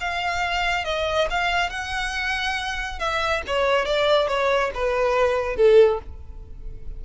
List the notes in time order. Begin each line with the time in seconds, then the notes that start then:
0.00 F5
0.84 D#5
1.30 F5
1.70 F#5
2.99 E5
3.47 C#5
3.85 D5
4.28 C#5
4.74 B4
5.56 A4